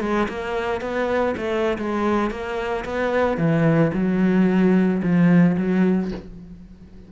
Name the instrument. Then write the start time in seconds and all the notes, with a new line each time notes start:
cello
0.00 G#3
0.28 A#3
0.81 B3
1.37 A3
1.78 G#3
2.30 A#3
2.85 B3
3.37 E3
3.93 F#3
5.02 F3
5.57 F#3